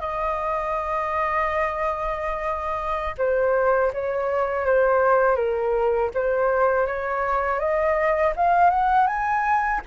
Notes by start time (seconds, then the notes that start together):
0.00 D#5
3.17 C5
3.93 C#5
4.65 C5
5.36 A#4
6.14 C5
6.86 C#5
7.59 D#5
8.36 F5
8.70 F#5
9.06 G#5